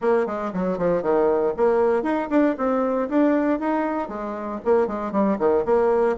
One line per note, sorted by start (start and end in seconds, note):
0.01 0.26 A#3
0.26 0.52 G#3
0.53 0.77 F#3
0.77 1.02 F3
1.02 1.53 D#3
1.56 2.02 A#3
2.02 2.28 D#4
2.29 2.55 D4
2.57 3.08 C4
3.09 3.59 D4
3.59 4.08 D#4
4.08 4.59 G#3
4.64 4.87 A#3
4.87 5.11 G#3
5.11 5.37 G3
5.38 5.64 D#3
5.65 6.16 A#3